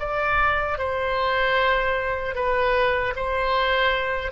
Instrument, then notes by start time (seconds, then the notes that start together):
oboe
0.00 D5
0.79 C5
2.35 B4
3.16 C5